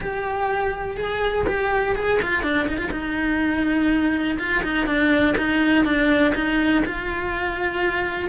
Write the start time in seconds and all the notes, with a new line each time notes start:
0.00 G4
0.96 G#4
1.46 G4
1.95 G#4
2.22 F4
2.42 D4
2.68 D#4
2.77 F4
2.91 D#4
4.38 F4
4.63 D#4
4.86 D4
5.37 D#4
5.84 D4
6.34 D#4
6.85 F4